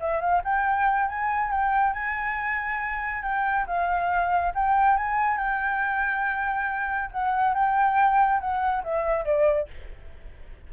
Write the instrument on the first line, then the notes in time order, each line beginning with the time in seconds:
flute
0.00 E5
0.20 F5
0.44 G5
1.09 G#5
1.51 G5
1.93 G#5
3.22 G5
3.67 F5
4.55 G5
4.97 G#5
5.38 G5
7.12 F#5
7.54 G5
8.40 F#5
8.84 E5
9.25 D5